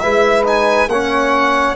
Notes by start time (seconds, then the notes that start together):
0.00 G#3 E4 B4 E5
0.45 D#4 G#5
0.88 A#3 C#4 C#5 F#5